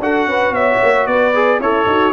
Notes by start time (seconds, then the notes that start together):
0.00 D4 F#4 A4 F#5
0.26 C#4 B4
0.51 B3 C#5 E5
0.82 A#3
1.06 B3 B4 D5
1.34 G#4
1.59 C#4 E4 A4 C#5
1.86 D#4 F#4